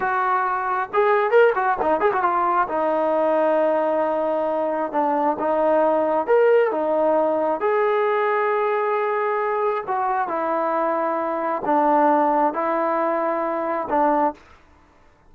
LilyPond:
\new Staff \with { instrumentName = "trombone" } { \time 4/4 \tempo 4 = 134 fis'2 gis'4 ais'8 fis'8 | dis'8 gis'16 fis'16 f'4 dis'2~ | dis'2. d'4 | dis'2 ais'4 dis'4~ |
dis'4 gis'2.~ | gis'2 fis'4 e'4~ | e'2 d'2 | e'2. d'4 | }